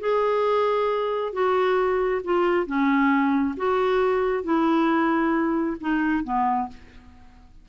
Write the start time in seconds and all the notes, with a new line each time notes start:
0.00 G#4
1.33 F#4
2.24 F4
2.66 C#4
3.57 F#4
4.43 E4
5.80 D#4
6.24 B3